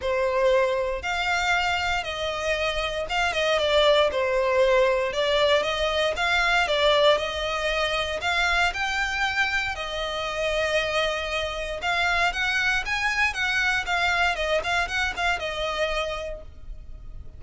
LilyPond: \new Staff \with { instrumentName = "violin" } { \time 4/4 \tempo 4 = 117 c''2 f''2 | dis''2 f''8 dis''8 d''4 | c''2 d''4 dis''4 | f''4 d''4 dis''2 |
f''4 g''2 dis''4~ | dis''2. f''4 | fis''4 gis''4 fis''4 f''4 | dis''8 f''8 fis''8 f''8 dis''2 | }